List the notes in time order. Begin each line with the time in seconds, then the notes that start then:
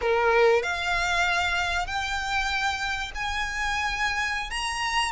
0.01 A#4
0.62 F5
1.86 G5
3.14 G#5
4.50 A#5